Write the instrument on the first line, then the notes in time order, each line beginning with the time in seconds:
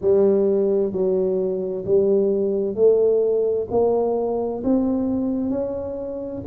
tuba
0.01 G3
0.92 F#3
1.85 G3
2.74 A3
3.70 A#3
4.63 C4
5.50 C#4